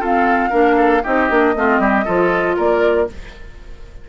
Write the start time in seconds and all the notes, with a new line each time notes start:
0.00 C4 F4 A4 F5
0.50 A#3 D4 A#4
0.77 A4
1.04 C4 D#4 G4 D#5
1.29 A#3 D4
1.56 A3 C4 F4
1.79 G3 G4
2.05 F3 F4 A4
2.57 A#3 A#4 D5